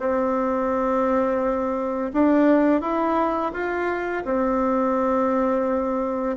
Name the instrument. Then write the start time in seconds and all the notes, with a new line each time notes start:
bassoon
0.00 C4
2.14 D4
2.82 E4
3.53 F4
4.25 C4